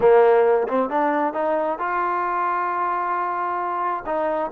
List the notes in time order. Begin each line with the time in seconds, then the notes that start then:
0.00 A#3
0.68 C4
0.89 D4
1.33 D#4
1.78 F4
4.06 D#4